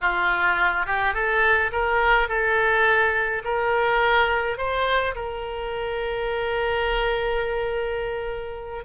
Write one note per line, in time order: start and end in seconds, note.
0.01 0.86 F4
0.86 1.14 G4
1.14 1.71 A4
1.72 2.28 A#4
2.28 3.42 A4
3.44 4.57 A#4
4.57 5.15 C5
5.15 8.84 A#4